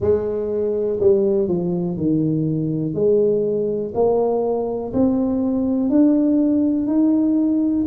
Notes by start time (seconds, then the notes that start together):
0.00 G#3
1.00 G3
1.48 F3
1.97 D#3
2.94 G#3
3.94 A#3
4.93 C4
5.89 D4
6.86 D#4